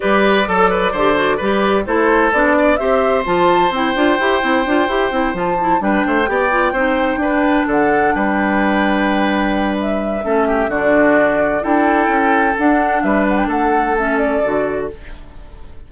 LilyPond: <<
  \new Staff \with { instrumentName = "flute" } { \time 4/4 \tempo 4 = 129 d''1 | c''4 d''4 e''4 a''4 | g''2.~ g''8 a''8~ | a''8 g''2.~ g''8~ |
g''8 fis''4 g''2~ g''8~ | g''4 e''2 d''4~ | d''4 g''2 fis''4 | e''8 fis''16 g''16 fis''4 e''8 d''4. | }
  \new Staff \with { instrumentName = "oboe" } { \time 4/4 b'4 a'8 b'8 c''4 b'4 | a'4. d''8 c''2~ | c''1~ | c''8 b'8 c''8 d''4 c''4 b'8~ |
b'8 a'4 b'2~ b'8~ | b'2 a'8 g'8 fis'4~ | fis'4 a'2. | b'4 a'2. | }
  \new Staff \with { instrumentName = "clarinet" } { \time 4/4 g'4 a'4 g'8 fis'8 g'4 | e'4 d'4 g'4 f'4 | e'8 f'8 g'8 e'8 f'8 g'8 e'8 f'8 | e'8 d'4 g'8 f'8 dis'4 d'8~ |
d'1~ | d'2 cis'4 d'4~ | d'4 e'2 d'4~ | d'2 cis'4 fis'4 | }
  \new Staff \with { instrumentName = "bassoon" } { \time 4/4 g4 fis4 d4 g4 | a4 b4 c'4 f4 | c'8 d'8 e'8 c'8 d'8 e'8 c'8 f8~ | f8 g8 a8 b4 c'4 d'8~ |
d'8 d4 g2~ g8~ | g2 a4 d4~ | d4 d'4 cis'4 d'4 | g4 a2 d4 | }
>>